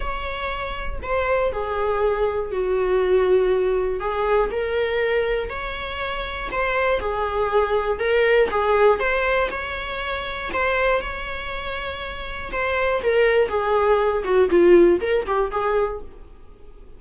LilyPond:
\new Staff \with { instrumentName = "viola" } { \time 4/4 \tempo 4 = 120 cis''2 c''4 gis'4~ | gis'4 fis'2. | gis'4 ais'2 cis''4~ | cis''4 c''4 gis'2 |
ais'4 gis'4 c''4 cis''4~ | cis''4 c''4 cis''2~ | cis''4 c''4 ais'4 gis'4~ | gis'8 fis'8 f'4 ais'8 g'8 gis'4 | }